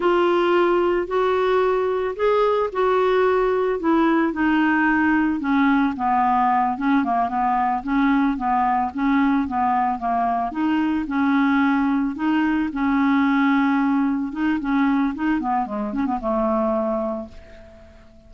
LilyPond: \new Staff \with { instrumentName = "clarinet" } { \time 4/4 \tempo 4 = 111 f'2 fis'2 | gis'4 fis'2 e'4 | dis'2 cis'4 b4~ | b8 cis'8 ais8 b4 cis'4 b8~ |
b8 cis'4 b4 ais4 dis'8~ | dis'8 cis'2 dis'4 cis'8~ | cis'2~ cis'8 dis'8 cis'4 | dis'8 b8 gis8 cis'16 b16 a2 | }